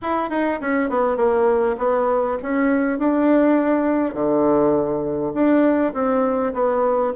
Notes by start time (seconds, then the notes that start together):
0.02 E4
0.29 D#4
0.60 C#4
0.89 B3
1.16 A#3
1.78 B3
2.42 C#4
2.98 D4
4.14 D3
5.34 D4
5.93 C4
6.53 B3